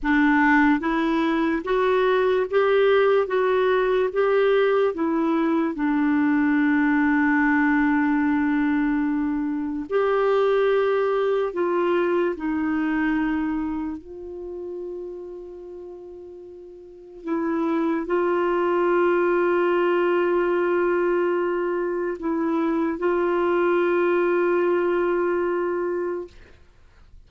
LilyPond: \new Staff \with { instrumentName = "clarinet" } { \time 4/4 \tempo 4 = 73 d'4 e'4 fis'4 g'4 | fis'4 g'4 e'4 d'4~ | d'1 | g'2 f'4 dis'4~ |
dis'4 f'2.~ | f'4 e'4 f'2~ | f'2. e'4 | f'1 | }